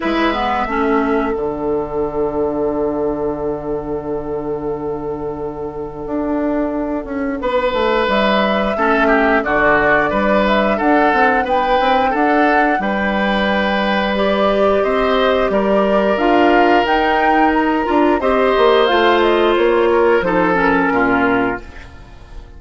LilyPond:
<<
  \new Staff \with { instrumentName = "flute" } { \time 4/4 \tempo 4 = 89 e''2 fis''2~ | fis''1~ | fis''1 | e''2 d''4. e''8 |
fis''4 g''4 fis''4 g''4~ | g''4 d''4 dis''4 d''4 | f''4 g''4 ais''4 dis''4 | f''8 dis''8 cis''4 c''8 ais'4. | }
  \new Staff \with { instrumentName = "oboe" } { \time 4/4 b'4 a'2.~ | a'1~ | a'2. b'4~ | b'4 a'8 g'8 fis'4 b'4 |
a'4 b'4 a'4 b'4~ | b'2 c''4 ais'4~ | ais'2. c''4~ | c''4. ais'8 a'4 f'4 | }
  \new Staff \with { instrumentName = "clarinet" } { \time 4/4 e'8 b8 cis'4 d'2~ | d'1~ | d'1~ | d'4 cis'4 d'2~ |
d'1~ | d'4 g'2. | f'4 dis'4. f'8 g'4 | f'2 dis'8 cis'4. | }
  \new Staff \with { instrumentName = "bassoon" } { \time 4/4 gis4 a4 d2~ | d1~ | d4 d'4. cis'8 b8 a8 | g4 a4 d4 g4 |
d'8 c'8 b8 c'8 d'4 g4~ | g2 c'4 g4 | d'4 dis'4. d'8 c'8 ais8 | a4 ais4 f4 ais,4 | }
>>